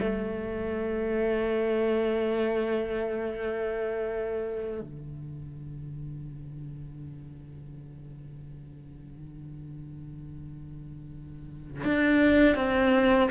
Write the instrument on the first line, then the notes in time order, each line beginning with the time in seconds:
cello
0.00 A3
4.81 D3
11.84 D4
12.55 C4